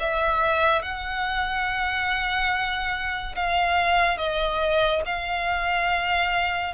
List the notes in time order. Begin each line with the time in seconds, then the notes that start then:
0.00 E5
0.82 F#5
3.36 F5
4.18 D#5
5.06 F5